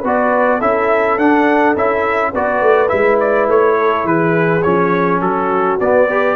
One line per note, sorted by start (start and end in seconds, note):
0.00 0.61 B3
0.00 0.61 F#4
0.00 0.58 B4
0.07 0.61 D5
0.58 1.18 C#4
0.58 1.19 E4
0.58 2.31 A4
0.58 1.18 E5
1.18 1.75 D4
1.18 1.76 D4
1.18 1.76 F#5
1.75 2.33 C#4
1.75 2.34 E4
1.75 2.34 E5
2.32 2.61 B3
2.32 2.88 F#4
2.32 3.77 B4
2.32 2.89 D5
2.61 2.90 A3
2.88 3.48 G#3
2.88 4.61 E4
2.88 3.18 E5
3.20 3.49 D5
3.48 4.04 A3
3.48 4.07 C#5
3.77 4.05 A4
4.04 4.62 E3
4.04 5.21 G#4
4.04 4.62 B4
4.62 5.20 F3
4.62 5.80 C#4
4.62 5.20 C#5
5.20 5.78 F#3
5.20 6.08 F#4
5.20 5.79 A4
5.80 6.36 B3
5.80 6.09 B3
5.80 6.36 D5
6.08 6.36 G4
6.08 6.36 B4